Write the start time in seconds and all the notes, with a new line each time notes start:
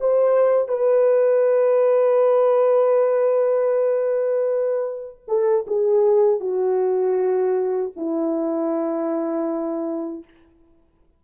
0.00 C5
0.68 B4
5.28 A4
5.67 G#4
6.40 F#4
7.96 E4